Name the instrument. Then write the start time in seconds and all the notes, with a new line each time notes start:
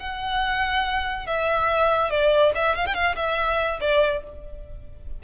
violin
0.00 F#5
1.27 E5
2.11 D5
2.55 E5
2.76 F5
2.86 G5
2.94 F5
3.16 E5
3.81 D5